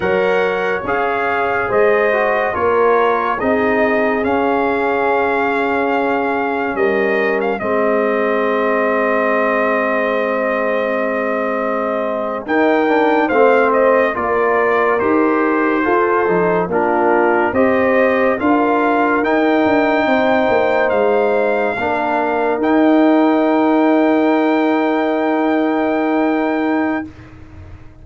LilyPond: <<
  \new Staff \with { instrumentName = "trumpet" } { \time 4/4 \tempo 4 = 71 fis''4 f''4 dis''4 cis''4 | dis''4 f''2. | dis''8. f''16 dis''2.~ | dis''2~ dis''8. g''4 f''16~ |
f''16 dis''8 d''4 c''2 ais'16~ | ais'8. dis''4 f''4 g''4~ g''16~ | g''8. f''2 g''4~ g''16~ | g''1 | }
  \new Staff \with { instrumentName = "horn" } { \time 4/4 cis''2 c''4 ais'4 | gis'1 | ais'4 gis'2.~ | gis'2~ gis'8. ais'4 c''16~ |
c''8. ais'2 a'4 f'16~ | f'8. c''4 ais'2 c''16~ | c''4.~ c''16 ais'2~ ais'16~ | ais'1 | }
  \new Staff \with { instrumentName = "trombone" } { \time 4/4 ais'4 gis'4. fis'8 f'4 | dis'4 cis'2.~ | cis'4 c'2.~ | c'2~ c'8. dis'8 d'8 c'16~ |
c'8. f'4 g'4 f'8 dis'8 d'16~ | d'8. g'4 f'4 dis'4~ dis'16~ | dis'4.~ dis'16 d'4 dis'4~ dis'16~ | dis'1 | }
  \new Staff \with { instrumentName = "tuba" } { \time 4/4 fis4 cis'4 gis4 ais4 | c'4 cis'2. | g4 gis2.~ | gis2~ gis8. dis'4 a16~ |
a8. ais4 dis'4 f'8 f8 ais16~ | ais8. c'4 d'4 dis'8 d'8 c'16~ | c'16 ais8 gis4 ais4 dis'4~ dis'16~ | dis'1 | }
>>